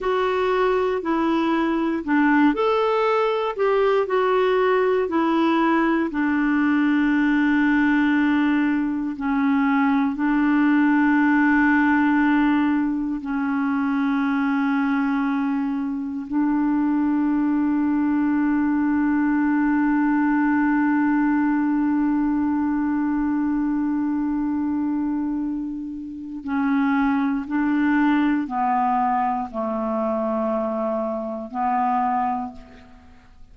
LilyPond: \new Staff \with { instrumentName = "clarinet" } { \time 4/4 \tempo 4 = 59 fis'4 e'4 d'8 a'4 g'8 | fis'4 e'4 d'2~ | d'4 cis'4 d'2~ | d'4 cis'2. |
d'1~ | d'1~ | d'2 cis'4 d'4 | b4 a2 b4 | }